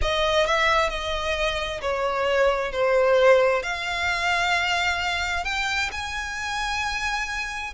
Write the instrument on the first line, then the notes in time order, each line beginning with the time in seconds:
violin
0.01 D#5
0.46 E5
0.89 D#5
1.81 C#5
2.71 C5
3.62 F5
5.44 G5
5.91 G#5